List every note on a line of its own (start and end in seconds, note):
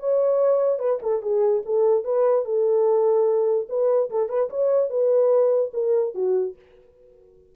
0.00 0.79 C#5
0.79 0.99 B4
1.02 1.22 A4
1.22 1.63 G#4
1.65 2.04 A4
2.04 2.45 B4
2.45 3.68 A4
3.69 4.10 B4
4.10 4.29 A4
4.29 4.50 B4
4.50 4.90 C#5
4.90 5.72 B4
5.74 6.14 A#4
6.14 6.55 F#4